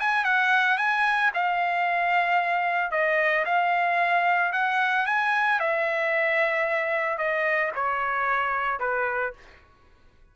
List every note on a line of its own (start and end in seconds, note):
0.00 0.25 G#5
0.25 0.78 F#5
0.78 1.31 G#5
1.34 2.92 F5
2.92 3.45 D#5
3.46 4.53 F5
4.53 5.06 F#5
5.06 5.60 G#5
5.60 7.18 E5
7.18 7.72 D#5
7.76 8.80 C#5
8.80 9.34 B4